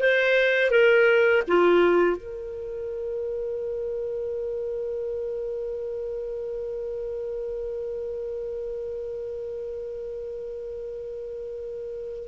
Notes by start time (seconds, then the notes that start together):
0.00 C5
0.71 A#4
1.48 F4
2.18 A#4